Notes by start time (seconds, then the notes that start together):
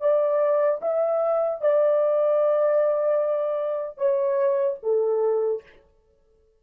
0.00 D5
0.81 E5
1.61 D5
3.97 C#5
4.82 A4